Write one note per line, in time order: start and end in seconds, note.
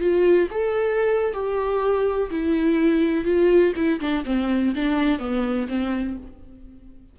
0.00 0.48 F4
0.51 1.33 A4
1.33 2.30 G4
2.30 3.25 E4
3.25 3.73 F4
3.76 4.00 E4
4.00 4.24 D4
4.25 4.74 C4
4.75 5.19 D4
5.19 5.67 B3
5.68 6.16 C4